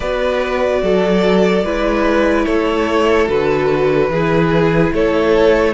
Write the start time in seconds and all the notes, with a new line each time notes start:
0.00 B3 F#4 B4 D5
0.82 F#3 A4
1.63 G#3 E4 B4
2.45 A3 A4 C#5
3.27 D3 F#4 B4
4.09 E3 E4 G#4
4.92 A3 A4 C#5